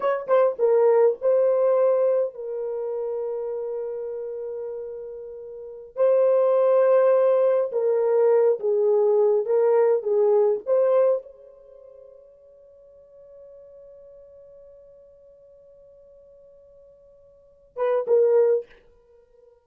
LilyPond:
\new Staff \with { instrumentName = "horn" } { \time 4/4 \tempo 4 = 103 cis''8 c''8 ais'4 c''2 | ais'1~ | ais'2~ ais'16 c''4.~ c''16~ | c''4~ c''16 ais'4. gis'4~ gis'16~ |
gis'16 ais'4 gis'4 c''4 cis''8.~ | cis''1~ | cis''1~ | cis''2~ cis''8 b'8 ais'4 | }